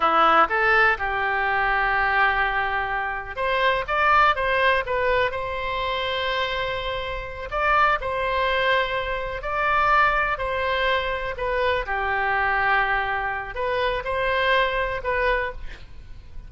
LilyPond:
\new Staff \with { instrumentName = "oboe" } { \time 4/4 \tempo 4 = 124 e'4 a'4 g'2~ | g'2. c''4 | d''4 c''4 b'4 c''4~ | c''2.~ c''8 d''8~ |
d''8 c''2. d''8~ | d''4. c''2 b'8~ | b'8 g'2.~ g'8 | b'4 c''2 b'4 | }